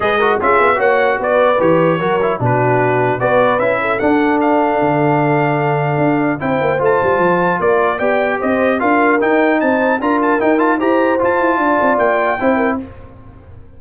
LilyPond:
<<
  \new Staff \with { instrumentName = "trumpet" } { \time 4/4 \tempo 4 = 150 dis''4 e''4 fis''4 d''4 | cis''2 b'2 | d''4 e''4 fis''4 f''4~ | f''1 |
g''4 a''2 d''4 | g''4 dis''4 f''4 g''4 | a''4 ais''8 a''8 g''8 a''8 ais''4 | a''2 g''2 | }
  \new Staff \with { instrumentName = "horn" } { \time 4/4 b'8 ais'8 gis'4 cis''4 b'4~ | b'4 ais'4 fis'2 | b'4. a'2~ a'8~ | a'1 |
c''2. ais'4 | d''4 c''4 ais'2 | c''4 ais'2 c''4~ | c''4 d''2 c''8 ais'8 | }
  \new Staff \with { instrumentName = "trombone" } { \time 4/4 gis'8 fis'8 f'4 fis'2 | g'4 fis'8 e'8 d'2 | fis'4 e'4 d'2~ | d'1 |
e'4 f'2. | g'2 f'4 dis'4~ | dis'4 f'4 dis'8 f'8 g'4 | f'2. e'4 | }
  \new Staff \with { instrumentName = "tuba" } { \time 4/4 gis4 cis'8 b8 ais4 b4 | e4 fis4 b,2 | b4 cis'4 d'2 | d2. d'4 |
c'8 ais8 a8 g8 f4 ais4 | b4 c'4 d'4 dis'4 | c'4 d'4 dis'4 e'4 | f'8 e'8 d'8 c'8 ais4 c'4 | }
>>